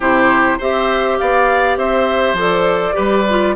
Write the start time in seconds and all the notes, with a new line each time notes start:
0.00 C3 E4 G4 C5
0.58 C4 G4 C5 E5
1.17 B3 D5 F5
1.77 C4 C5 E5
2.33 F3 A4
2.40 D5
2.93 G3 G4 B4
3.29 F4